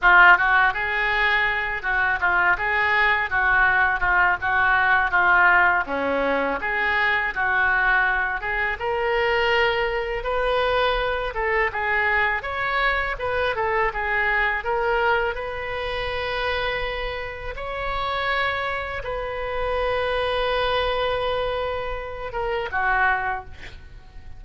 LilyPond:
\new Staff \with { instrumentName = "oboe" } { \time 4/4 \tempo 4 = 82 f'8 fis'8 gis'4. fis'8 f'8 gis'8~ | gis'8 fis'4 f'8 fis'4 f'4 | cis'4 gis'4 fis'4. gis'8 | ais'2 b'4. a'8 |
gis'4 cis''4 b'8 a'8 gis'4 | ais'4 b'2. | cis''2 b'2~ | b'2~ b'8 ais'8 fis'4 | }